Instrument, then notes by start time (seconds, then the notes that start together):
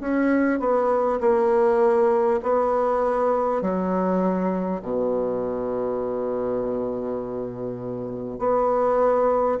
bassoon
0.00 C#4
0.59 B3
1.20 A#3
2.43 B3
3.61 F#3
4.82 B2
8.38 B3